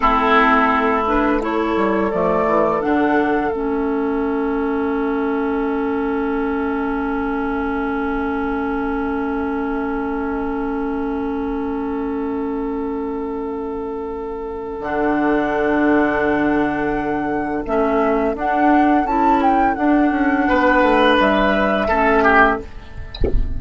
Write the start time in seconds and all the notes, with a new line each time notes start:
0.00 A3 C4 E4 A4
1.06 D4 B4
1.40 E4 A4 C#5
1.76 G3
2.11 F3 A3 D5
2.46 E3
2.80 D3 D4 F#5
3.51 A3 C#4 E5
14.79 D3 D4 F#5
17.65 A3 C#4 E5
18.34 D4 F#5
19.04 C#4 E4 A5
19.42 G5
19.74 D4 F#5
20.11 C#4
20.48 B3 B4
20.82 A3
21.19 G3 E5
21.87 A3 C#4 A4
22.23 G4